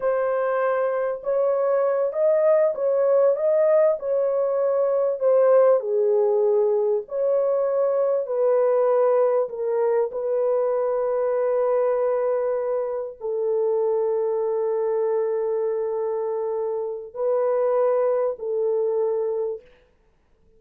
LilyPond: \new Staff \with { instrumentName = "horn" } { \time 4/4 \tempo 4 = 98 c''2 cis''4. dis''8~ | dis''8 cis''4 dis''4 cis''4.~ | cis''8 c''4 gis'2 cis''8~ | cis''4. b'2 ais'8~ |
ais'8 b'2.~ b'8~ | b'4. a'2~ a'8~ | a'1 | b'2 a'2 | }